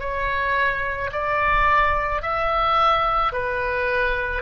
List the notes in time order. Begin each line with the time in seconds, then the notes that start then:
0.00 C#5
1.12 D5
2.22 E5
3.33 B4